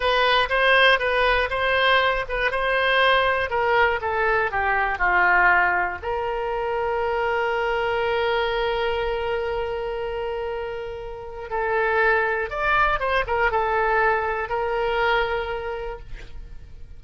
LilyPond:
\new Staff \with { instrumentName = "oboe" } { \time 4/4 \tempo 4 = 120 b'4 c''4 b'4 c''4~ | c''8 b'8 c''2 ais'4 | a'4 g'4 f'2 | ais'1~ |
ais'1~ | ais'2. a'4~ | a'4 d''4 c''8 ais'8 a'4~ | a'4 ais'2. | }